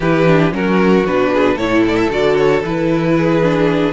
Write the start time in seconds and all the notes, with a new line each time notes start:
0.00 E3 E4 G4 B4
0.26 D4
0.51 F#3 C#4 F#4 A#4
1.05 B2 D4 B4
1.33 G#4
1.54 A2 E4 A4 C#5
1.87 D5
1.96 E5
2.09 D3 F#4 D5
2.36 C#5
2.62 E3 E4 B4
3.17 G#4
3.42 D4